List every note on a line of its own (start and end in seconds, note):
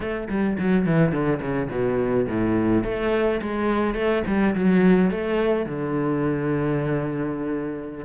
0.00 0.28 A3
0.29 0.57 G3
0.58 0.85 F#3
0.85 1.12 E3
1.12 1.40 D3
1.41 1.69 C#3
1.70 2.26 B2
2.27 2.84 A2
2.84 3.40 A3
3.41 3.94 G#3
3.94 4.22 A3
4.26 4.55 G3
4.55 5.10 F#3
5.10 5.65 A3
5.65 8.05 D3